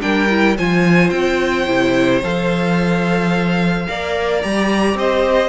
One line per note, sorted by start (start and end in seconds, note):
0.00 0.58 G3
0.00 0.28 D4
0.00 0.57 A#4
0.00 0.56 G5
0.30 0.57 E4
0.57 1.11 F3
0.57 1.67 F4
0.57 3.87 C5
0.57 1.10 G#5
1.10 1.66 C4
1.10 2.20 G5
1.67 2.22 C3
1.67 2.22 E4
2.23 3.88 F3
2.23 3.88 A4
2.23 4.42 F5
3.88 4.44 A#3
3.88 4.42 A#4
3.88 4.98 D5
4.42 4.94 G3
4.42 5.49 G4
4.42 4.97 A#5
4.94 5.49 C4
4.94 5.49 C5
4.94 5.49 D#5